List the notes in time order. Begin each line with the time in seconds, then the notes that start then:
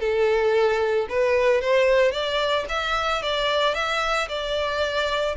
0.00 A4
1.09 B4
1.61 C5
2.11 D5
2.69 E5
3.22 D5
3.74 E5
4.28 D5